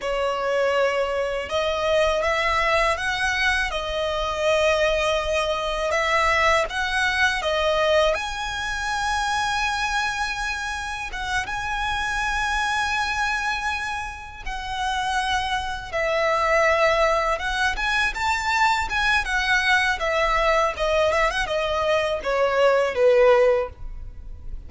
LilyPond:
\new Staff \with { instrumentName = "violin" } { \time 4/4 \tempo 4 = 81 cis''2 dis''4 e''4 | fis''4 dis''2. | e''4 fis''4 dis''4 gis''4~ | gis''2. fis''8 gis''8~ |
gis''2.~ gis''8 fis''8~ | fis''4. e''2 fis''8 | gis''8 a''4 gis''8 fis''4 e''4 | dis''8 e''16 fis''16 dis''4 cis''4 b'4 | }